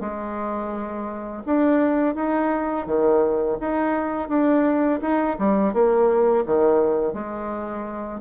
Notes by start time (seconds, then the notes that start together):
0.00 G#3
1.45 D4
2.15 D#4
2.86 D#3
3.60 D#4
4.28 D4
5.01 D#4
5.38 G3
5.73 A#3
6.45 D#3
7.13 G#3